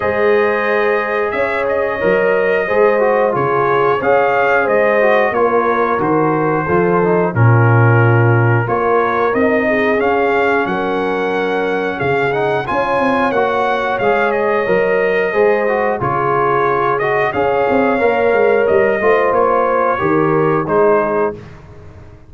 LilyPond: <<
  \new Staff \with { instrumentName = "trumpet" } { \time 4/4 \tempo 4 = 90 dis''2 e''8 dis''4.~ | dis''4 cis''4 f''4 dis''4 | cis''4 c''2 ais'4~ | ais'4 cis''4 dis''4 f''4 |
fis''2 f''8 fis''8 gis''4 | fis''4 f''8 dis''2~ dis''8 | cis''4. dis''8 f''2 | dis''4 cis''2 c''4 | }
  \new Staff \with { instrumentName = "horn" } { \time 4/4 c''2 cis''2 | c''4 gis'4 cis''4 c''4 | ais'2 a'4 f'4~ | f'4 ais'4. gis'4. |
ais'2 gis'4 cis''4~ | cis''2. c''4 | gis'2 cis''2~ | cis''8 c''4. ais'4 gis'4 | }
  \new Staff \with { instrumentName = "trombone" } { \time 4/4 gis'2. ais'4 | gis'8 fis'8 f'4 gis'4. fis'8 | f'4 fis'4 f'8 dis'8 cis'4~ | cis'4 f'4 dis'4 cis'4~ |
cis'2~ cis'8 dis'8 f'4 | fis'4 gis'4 ais'4 gis'8 fis'8 | f'4. fis'8 gis'4 ais'4~ | ais'8 f'4. g'4 dis'4 | }
  \new Staff \with { instrumentName = "tuba" } { \time 4/4 gis2 cis'4 fis4 | gis4 cis4 cis'4 gis4 | ais4 dis4 f4 ais,4~ | ais,4 ais4 c'4 cis'4 |
fis2 cis4 cis'8 c'8 | ais4 gis4 fis4 gis4 | cis2 cis'8 c'8 ais8 gis8 | g8 a8 ais4 dis4 gis4 | }
>>